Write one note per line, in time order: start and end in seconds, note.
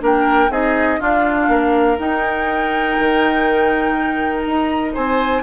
0.00 0.50 A#3
0.00 0.49 D4
0.00 0.51 A#4
0.00 0.52 G5
0.50 0.99 C4
0.50 1.00 D#4
0.50 1.00 G#4
0.50 1.01 D#5
1.00 1.98 D4
1.00 1.49 D4
1.00 1.49 F4
1.00 1.99 F5
1.49 1.98 A#3
1.49 4.94 A#4
1.99 5.43 D#4
1.99 2.98 D#4
1.99 4.42 G5
2.99 4.46 D#3
4.42 4.95 D#4
4.42 4.91 A#5
4.94 5.43 C4
4.94 5.43 C5
4.94 5.43 G#5